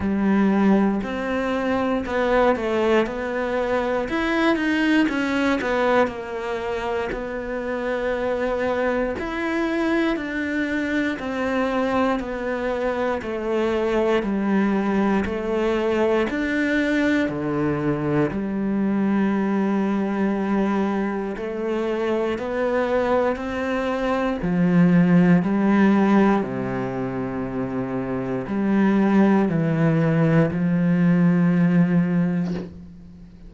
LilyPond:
\new Staff \with { instrumentName = "cello" } { \time 4/4 \tempo 4 = 59 g4 c'4 b8 a8 b4 | e'8 dis'8 cis'8 b8 ais4 b4~ | b4 e'4 d'4 c'4 | b4 a4 g4 a4 |
d'4 d4 g2~ | g4 a4 b4 c'4 | f4 g4 c2 | g4 e4 f2 | }